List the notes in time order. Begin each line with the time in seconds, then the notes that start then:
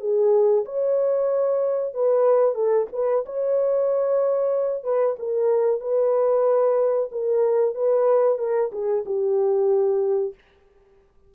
0.00 G#4
0.65 C#5
1.94 B4
2.55 A4
2.92 B4
3.26 C#5
4.84 B4
5.19 A#4
5.80 B4
7.11 A#4
7.75 B4
8.38 A#4
8.72 G#4
9.06 G4